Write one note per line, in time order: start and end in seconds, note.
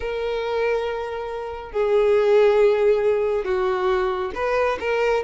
0.00 1.72 A#4
1.72 3.44 G#4
3.44 4.31 F#4
4.34 4.78 B4
4.80 5.23 A#4